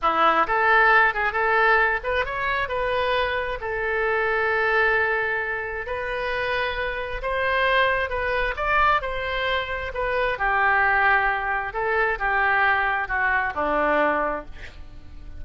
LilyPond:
\new Staff \with { instrumentName = "oboe" } { \time 4/4 \tempo 4 = 133 e'4 a'4. gis'8 a'4~ | a'8 b'8 cis''4 b'2 | a'1~ | a'4 b'2. |
c''2 b'4 d''4 | c''2 b'4 g'4~ | g'2 a'4 g'4~ | g'4 fis'4 d'2 | }